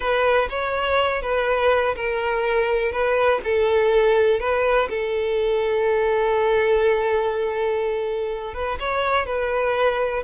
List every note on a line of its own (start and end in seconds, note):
0.00 0.48 B4
0.49 1.22 C#5
1.22 1.95 B4
1.95 2.92 A#4
2.92 3.40 B4
3.44 4.39 A4
4.39 4.88 B4
4.89 8.54 A4
8.54 8.78 B4
8.79 9.26 C#5
9.26 10.23 B4